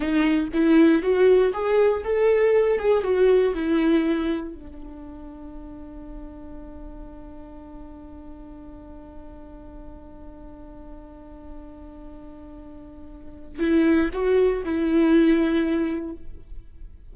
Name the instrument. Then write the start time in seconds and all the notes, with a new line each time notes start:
viola
0.00 D#4
0.53 E4
1.02 F#4
1.53 G#4
2.04 A4
2.79 G#4
3.03 F#4
3.54 E4
4.54 D4
13.59 E4
14.13 F#4
14.64 E4